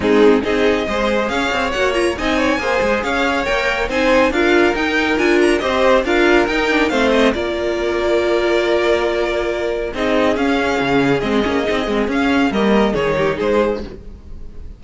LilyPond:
<<
  \new Staff \with { instrumentName = "violin" } { \time 4/4 \tempo 4 = 139 gis'4 dis''2 f''4 | fis''8 ais''8 gis''2 f''4 | g''4 gis''4 f''4 g''4 | gis''8 ais''8 dis''4 f''4 g''4 |
f''8 dis''8 d''2.~ | d''2. dis''4 | f''2 dis''2 | f''4 dis''4 cis''4 c''4 | }
  \new Staff \with { instrumentName = "violin" } { \time 4/4 dis'4 gis'4 c''4 cis''4~ | cis''4 dis''8 cis''8 c''4 cis''4~ | cis''4 c''4 ais'2~ | ais'4 c''4 ais'2 |
c''4 ais'2.~ | ais'2. gis'4~ | gis'1~ | gis'4 ais'4 gis'8 g'8 gis'4 | }
  \new Staff \with { instrumentName = "viola" } { \time 4/4 c'4 dis'4 gis'2 | fis'8 f'8 dis'4 gis'2 | ais'4 dis'4 f'4 dis'4 | f'4 g'4 f'4 dis'8 d'8 |
c'4 f'2.~ | f'2. dis'4 | cis'2 c'8 cis'8 dis'8 c'8 | cis'4 ais4 dis'2 | }
  \new Staff \with { instrumentName = "cello" } { \time 4/4 gis4 c'4 gis4 cis'8 c'8 | ais4 c'4 ais8 gis8 cis'4 | ais4 c'4 d'4 dis'4 | d'4 c'4 d'4 dis'4 |
a4 ais2.~ | ais2. c'4 | cis'4 cis4 gis8 ais8 c'8 gis8 | cis'4 g4 dis4 gis4 | }
>>